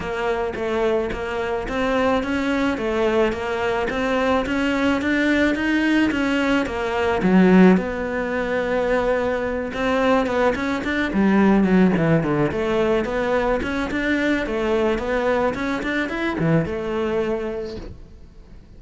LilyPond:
\new Staff \with { instrumentName = "cello" } { \time 4/4 \tempo 4 = 108 ais4 a4 ais4 c'4 | cis'4 a4 ais4 c'4 | cis'4 d'4 dis'4 cis'4 | ais4 fis4 b2~ |
b4. c'4 b8 cis'8 d'8 | g4 fis8 e8 d8 a4 b8~ | b8 cis'8 d'4 a4 b4 | cis'8 d'8 e'8 e8 a2 | }